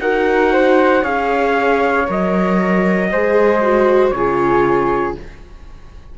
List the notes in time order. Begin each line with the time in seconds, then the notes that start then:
0.00 D#4 F#4 A#4 F#5
0.53 C5
1.02 C#4 G#4 C#5 F5
2.08 F#3 A#4 D#5
3.12 G#3 G#4 C5
3.62 F#4
4.11 C#3 F4 G#4 C#5